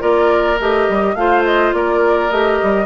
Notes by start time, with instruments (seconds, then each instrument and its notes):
0.00 bassoon A#3, clarinet F4, oboe A#4, flute D5
0.60 bassoon A3, clarinet G4, flute D#5
0.90 bassoon G3
1.15 bassoon A3, clarinet F4, oboe C5, flute F5
1.45 flute D#5
1.74 bassoon A#3, oboe A#4, flute D5
2.31 bassoon A3, clarinet G4, flute D#5
2.63 bassoon G3